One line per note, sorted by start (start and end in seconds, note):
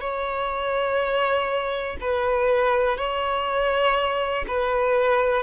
0.00 1.97 C#5
2.01 2.97 B4
2.97 4.45 C#5
4.48 5.43 B4